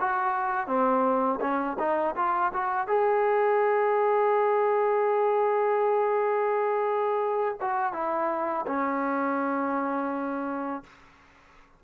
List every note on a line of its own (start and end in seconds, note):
0.00 0.67 F#4
0.67 1.40 C4
1.41 1.77 C#4
1.79 2.16 D#4
2.16 2.52 F4
2.54 2.88 F#4
2.88 7.58 G#4
7.61 7.94 F#4
7.94 8.66 E4
8.67 10.84 C#4